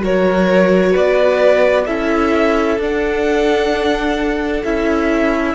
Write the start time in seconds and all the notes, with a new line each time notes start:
0.00 F#3 F#4 A#4 C#5
0.92 B3 B4 D5
1.85 C#4 E4 A4 E5
2.78 D4 F#5
4.64 C#4 E4 E5